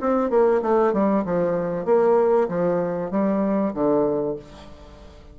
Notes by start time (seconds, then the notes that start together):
0.00 C4
0.30 A#3
0.62 A3
0.93 G3
1.25 F3
1.85 A#3
2.48 F3
3.11 G3
3.73 D3